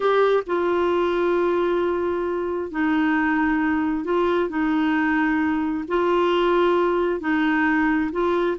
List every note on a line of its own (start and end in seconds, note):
0.00 0.43 G4
0.46 2.71 F4
2.71 4.04 D#4
4.04 4.49 F4
4.49 5.84 D#4
5.88 7.20 F4
7.20 8.10 D#4
8.12 8.57 F4